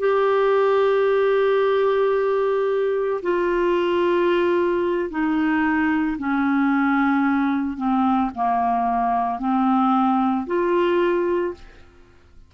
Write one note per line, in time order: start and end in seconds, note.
0.00 3.21 G4
3.22 5.10 F4
5.10 6.18 D#4
6.19 7.77 C#4
7.77 8.31 C4
8.35 9.39 A#3
9.39 10.47 C4
10.47 11.54 F4